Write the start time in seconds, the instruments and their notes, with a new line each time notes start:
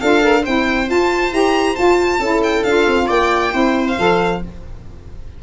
0.00 tuba D4, saxophone F4, viola A4, violin F5
0.22 saxophone A#4
0.42 tuba C4, saxophone E4, viola C5, violin G5
0.86 saxophone F4, tuba F4, violin A5
1.31 tuba E4, saxophone G4, violin A#5
1.75 saxophone F4, tuba F4, violin A5
2.19 tuba C#4, saxophone E4, viola A4
2.43 violin G5
2.63 tuba D4, saxophone F4, violin F5
2.87 tuba C4
3.06 tuba A#3, viola D5, violin G5
3.51 tuba C4, saxophone E4, viola C5
3.87 violin F5
3.98 tuba F3, saxophone A4